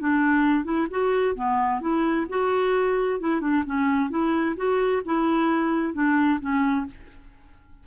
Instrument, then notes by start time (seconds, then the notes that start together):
clarinet
0.00 D4
0.64 E4
0.91 F#4
1.36 B3
1.81 E4
2.29 F#4
3.20 E4
3.41 D4
3.66 C#4
4.10 E4
4.57 F#4
5.05 E4
5.94 D4
6.40 C#4